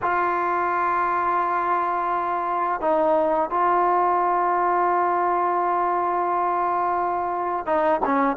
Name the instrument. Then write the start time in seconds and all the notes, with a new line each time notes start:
trombone
0.02 F4
2.81 D#4
3.49 F4
7.66 D#4
8.05 C#4